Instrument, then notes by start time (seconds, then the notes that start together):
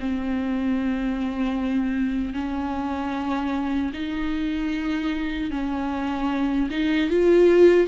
viola
0.00 C4
2.34 C#4
3.94 D#4
5.52 C#4
6.71 D#4
7.11 F4